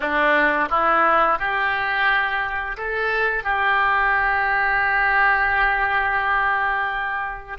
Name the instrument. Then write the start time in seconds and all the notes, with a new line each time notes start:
oboe
0.00 D4
0.70 E4
1.38 G4
2.77 A4
3.43 G4